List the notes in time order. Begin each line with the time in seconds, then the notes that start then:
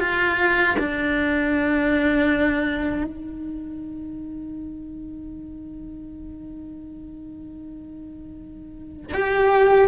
0.00 F4
0.79 D4
3.05 D#4
9.14 G4